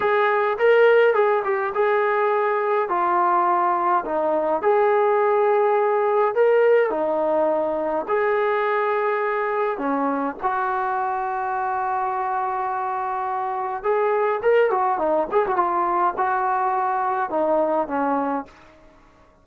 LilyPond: \new Staff \with { instrumentName = "trombone" } { \time 4/4 \tempo 4 = 104 gis'4 ais'4 gis'8 g'8 gis'4~ | gis'4 f'2 dis'4 | gis'2. ais'4 | dis'2 gis'2~ |
gis'4 cis'4 fis'2~ | fis'1 | gis'4 ais'8 fis'8 dis'8 gis'16 fis'16 f'4 | fis'2 dis'4 cis'4 | }